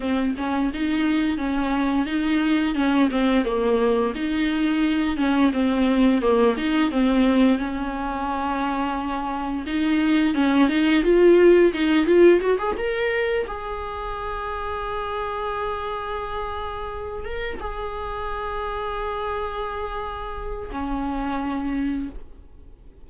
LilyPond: \new Staff \with { instrumentName = "viola" } { \time 4/4 \tempo 4 = 87 c'8 cis'8 dis'4 cis'4 dis'4 | cis'8 c'8 ais4 dis'4. cis'8 | c'4 ais8 dis'8 c'4 cis'4~ | cis'2 dis'4 cis'8 dis'8 |
f'4 dis'8 f'8 fis'16 gis'16 ais'4 gis'8~ | gis'1~ | gis'4 ais'8 gis'2~ gis'8~ | gis'2 cis'2 | }